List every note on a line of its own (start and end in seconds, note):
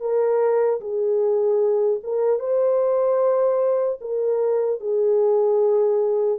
0.00 0.80 A#4
0.80 2.00 G#4
2.03 2.39 A#4
2.39 3.99 C5
4.01 4.80 A#4
4.80 6.39 G#4